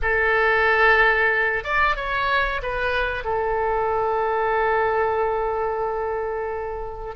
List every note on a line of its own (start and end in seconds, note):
0.01 1.63 A4
1.63 1.96 D5
1.96 2.61 C#5
2.62 3.24 B4
3.24 7.15 A4